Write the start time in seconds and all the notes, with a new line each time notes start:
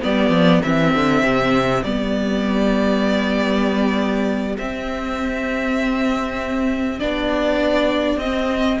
0.00 G3 B3 G4 D5
0.29 F3
0.62 E3 C4 E5
0.94 D3
1.22 C3
1.83 G3 B3 D5
4.57 C4 E5
6.99 B3 D4 D5
8.17 C4 D#5